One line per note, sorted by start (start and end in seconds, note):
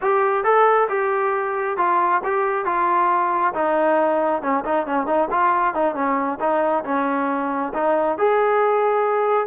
0.01 0.44 G4
0.44 0.88 A4
0.88 1.77 G4
1.77 2.21 F4
2.24 2.65 G4
2.65 3.53 F4
3.53 4.42 D#4
4.42 4.64 C#4
4.64 4.86 D#4
4.86 5.06 C#4
5.06 5.28 D#4
5.31 5.74 F4
5.74 5.94 D#4
5.94 6.39 C#4
6.40 6.84 D#4
6.84 7.72 C#4
7.73 8.18 D#4
8.18 9.47 G#4